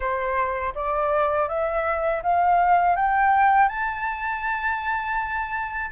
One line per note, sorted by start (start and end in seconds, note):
0.00 0.73 C5
0.74 1.48 D5
1.48 2.22 E5
2.22 2.96 F5
2.96 3.68 G5
3.68 5.90 A5